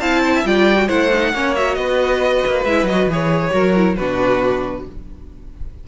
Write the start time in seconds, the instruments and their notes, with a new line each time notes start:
0.00 cello C4, viola E4, violin F5 A5
0.22 violin C5
0.36 violin E5
0.44 cello G3, viola F4, violin D5 G5
0.75 viola F#4
0.87 cello A3, viola E4, violin C5 F#5
1.13 viola D#4
1.33 cello A#3, viola C#4, violin C#5
1.55 viola F#4, violin E5
1.74 cello B3, violin B4 D#5
2.46 cello A#3
2.64 cello G#3, viola E4, violin E5
2.84 cello F#3, viola F#4, violin D#5
3.06 cello E3, viola G#4
3.13 violin C#5
3.51 cello F#3, viola F#4, violin A#4
3.76 viola E4
3.96 cello B2, viola D4, violin F#4 B4